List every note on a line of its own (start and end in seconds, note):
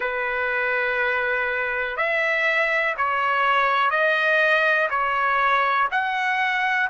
0.00 1.96 B4
1.96 2.95 E5
2.97 3.90 C#5
3.90 4.88 D#5
4.90 5.88 C#5
5.91 6.89 F#5